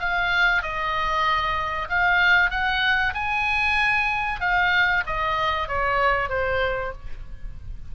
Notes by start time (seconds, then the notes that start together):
0.00 F5
0.63 D#5
1.89 F5
2.51 F#5
3.15 G#5
4.41 F5
5.07 D#5
5.69 C#5
6.30 C5